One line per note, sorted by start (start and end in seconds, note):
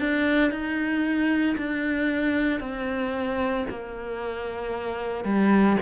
0.00 0.51 D4
0.51 1.56 D#4
1.57 2.60 D4
2.60 3.66 C4
3.70 5.24 A#3
5.24 5.77 G3